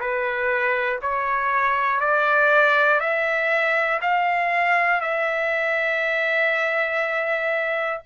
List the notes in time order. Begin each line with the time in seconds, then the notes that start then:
0.00 B4
1.02 C#5
2.00 D5
3.01 E5
4.02 F5
5.01 E5